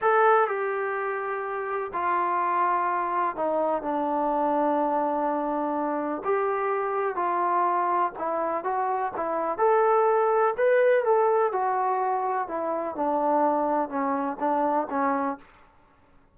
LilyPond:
\new Staff \with { instrumentName = "trombone" } { \time 4/4 \tempo 4 = 125 a'4 g'2. | f'2. dis'4 | d'1~ | d'4 g'2 f'4~ |
f'4 e'4 fis'4 e'4 | a'2 b'4 a'4 | fis'2 e'4 d'4~ | d'4 cis'4 d'4 cis'4 | }